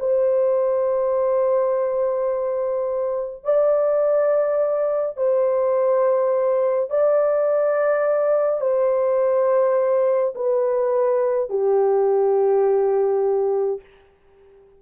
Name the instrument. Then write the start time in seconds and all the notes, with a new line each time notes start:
horn
0.00 C5
3.44 D5
5.17 C5
6.90 D5
8.61 C5
10.35 B4
11.50 G4